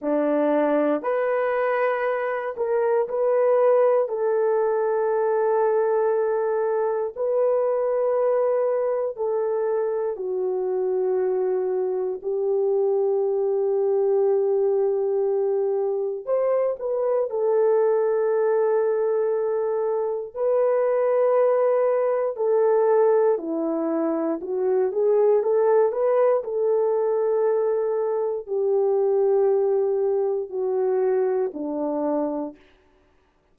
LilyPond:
\new Staff \with { instrumentName = "horn" } { \time 4/4 \tempo 4 = 59 d'4 b'4. ais'8 b'4 | a'2. b'4~ | b'4 a'4 fis'2 | g'1 |
c''8 b'8 a'2. | b'2 a'4 e'4 | fis'8 gis'8 a'8 b'8 a'2 | g'2 fis'4 d'4 | }